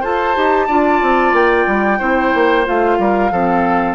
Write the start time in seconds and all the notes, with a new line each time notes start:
0.00 F4 A4 C5 A5
0.35 D#4 G4
0.67 D4 F4 D5
1.02 C4
1.32 A#3 G5
1.66 G3
1.98 C4 E4 C5
2.34 A#3
2.64 A3 F4 F5
2.98 G3 A#4
3.30 F3 C4 A4